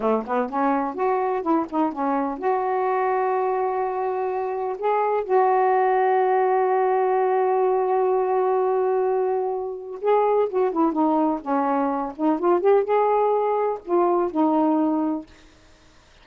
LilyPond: \new Staff \with { instrumentName = "saxophone" } { \time 4/4 \tempo 4 = 126 a8 b8 cis'4 fis'4 e'8 dis'8 | cis'4 fis'2.~ | fis'2 gis'4 fis'4~ | fis'1~ |
fis'1~ | fis'4 gis'4 fis'8 e'8 dis'4 | cis'4. dis'8 f'8 g'8 gis'4~ | gis'4 f'4 dis'2 | }